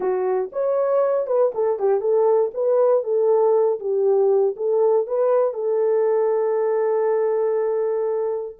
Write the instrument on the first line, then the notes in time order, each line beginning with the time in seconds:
horn
0.00 F#4
0.52 C#5
1.27 B4
1.54 A4
1.79 G4
2.00 A4
2.54 B4
3.03 A4
3.79 G4
4.56 A4
5.06 B4
5.53 A4